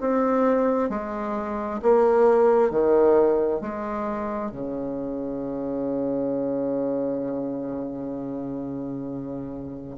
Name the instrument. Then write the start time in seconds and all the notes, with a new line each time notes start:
bassoon
0.00 C4
0.89 G#3
1.82 A#3
2.70 D#3
3.61 G#3
4.51 C#3